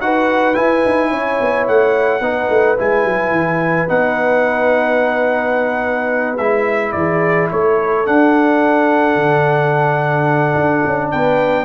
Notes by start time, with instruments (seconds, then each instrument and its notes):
0.00 tuba D#4, trombone F#4, horn B4, trumpet F#5
0.54 trombone E4, tuba E4, trumpet G#5
0.85 tuba D#4
1.10 tuba C#4, horn C#5
1.40 tuba B3
1.67 tuba A3, trumpet F#5
2.20 tuba B3, trombone D#4, horn B4
2.49 tuba A3
2.77 tuba G#3, trombone E4, trumpet G#5
3.04 tuba F#3
3.31 tuba E3
3.88 tuba B3, trombone D#4, trumpet F#5
6.37 tuba G#3, trombone E4, trumpet E5
6.92 tuba E3, horn G#4, trumpet D5
7.51 tuba A3, horn A4, trumpet C#5
8.05 trombone D4, tuba D4, trumpet F#5
9.15 tuba D3
10.55 tuba D4
10.85 tuba C#4
11.11 tuba B3, horn B4, trumpet G5